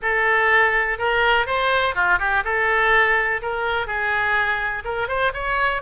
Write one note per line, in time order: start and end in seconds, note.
0.02 0.98 A4
0.98 1.46 A#4
1.46 1.94 C5
1.94 2.19 F4
2.19 2.43 G4
2.44 3.41 A4
3.42 3.86 A#4
3.86 4.83 G#4
4.84 5.08 A#4
5.08 5.32 C5
5.33 5.82 C#5